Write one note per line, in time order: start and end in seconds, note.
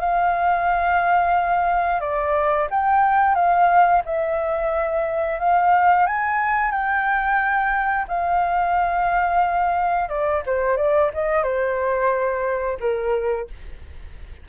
0.00 2.01 F5
2.01 2.68 D5
2.71 3.35 G5
3.35 4.02 F5
4.06 5.40 E5
5.40 6.07 F5
6.07 6.71 G#5
6.71 8.06 G5
8.08 10.09 F5
10.09 10.43 D5
10.46 10.77 C5
10.77 11.11 D5
11.14 11.43 D#5
11.43 12.78 C5
12.80 13.48 A#4